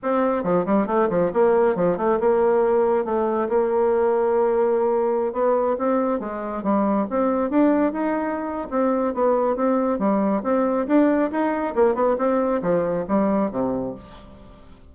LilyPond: \new Staff \with { instrumentName = "bassoon" } { \time 4/4 \tempo 4 = 138 c'4 f8 g8 a8 f8 ais4 | f8 a8 ais2 a4 | ais1~ | ais16 b4 c'4 gis4 g8.~ |
g16 c'4 d'4 dis'4.~ dis'16 | c'4 b4 c'4 g4 | c'4 d'4 dis'4 ais8 b8 | c'4 f4 g4 c4 | }